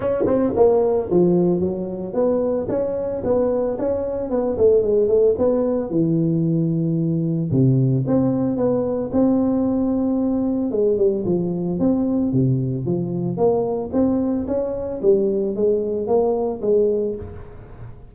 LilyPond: \new Staff \with { instrumentName = "tuba" } { \time 4/4 \tempo 4 = 112 cis'8 c'8 ais4 f4 fis4 | b4 cis'4 b4 cis'4 | b8 a8 gis8 a8 b4 e4~ | e2 c4 c'4 |
b4 c'2. | gis8 g8 f4 c'4 c4 | f4 ais4 c'4 cis'4 | g4 gis4 ais4 gis4 | }